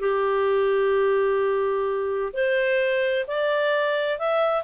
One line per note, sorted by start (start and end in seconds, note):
0.00 2.33 G4
2.33 3.26 C5
3.28 4.19 D5
4.19 4.64 E5